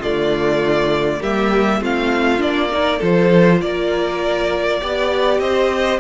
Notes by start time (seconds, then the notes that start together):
0.00 D3 A3 F4 D5
1.21 G3 A#3 G4 E5
1.81 A3 C4 F4 F5
2.38 A#3 D4 D5
2.71 D#4 A#4
2.99 F3 F4 A4 C5
3.62 A#3 A#4 D5
4.81 B3 G4 D5
5.40 C4 C5 D#5